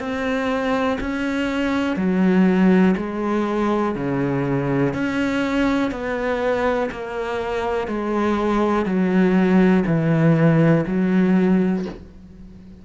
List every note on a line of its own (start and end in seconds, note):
0.00 0.98 C4
1.01 1.97 C#4
1.97 2.95 F#3
2.97 3.95 G#3
3.95 4.94 C#3
4.94 5.92 C#4
5.92 6.90 B3
6.91 7.88 A#3
7.88 8.86 G#3
8.86 9.84 F#3
9.86 10.85 E3
10.87 11.85 F#3